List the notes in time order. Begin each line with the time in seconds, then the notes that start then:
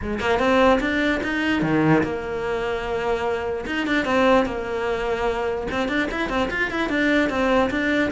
0.01 G#3
0.20 A#3
0.39 C4
0.80 D4
1.23 D#4
1.62 D#3
2.03 A#3
3.66 D#4
3.86 D4
4.05 C4
4.45 A#3
5.71 C4
5.88 D4
6.11 E4
6.29 C4
6.50 F4
6.70 E4
6.89 D4
7.29 C4
7.70 D4